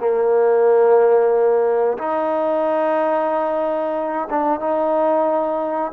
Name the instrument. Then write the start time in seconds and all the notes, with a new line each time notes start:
trombone
0.00 A#3
1.98 D#4
4.30 D4
4.60 D#4